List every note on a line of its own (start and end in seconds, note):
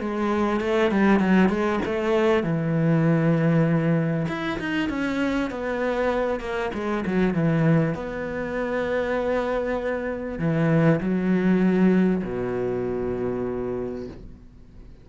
0.00 0.61 G#3
0.61 0.92 A3
0.92 1.20 G3
1.20 1.49 F#3
1.49 1.80 G#3
1.86 2.44 A3
2.44 4.27 E3
4.28 4.59 E4
4.59 4.90 D#4
4.90 5.51 C#4
5.51 6.40 B3
6.40 6.71 A#3
6.74 7.05 G#3
7.06 7.34 F#3
7.34 7.95 E3
7.95 10.39 B3
10.39 11.00 E3
11.01 12.23 F#3
12.24 14.08 B2